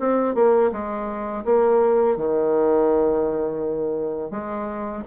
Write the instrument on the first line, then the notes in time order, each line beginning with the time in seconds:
bassoon
0.00 C4
0.35 A#3
0.72 G#3
1.45 A#3
2.17 D#3
4.31 G#3